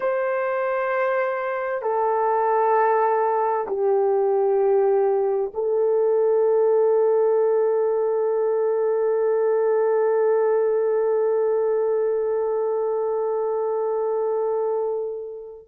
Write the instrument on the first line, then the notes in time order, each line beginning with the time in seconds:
horn
0.00 C5
1.82 A4
3.67 G4
5.54 A4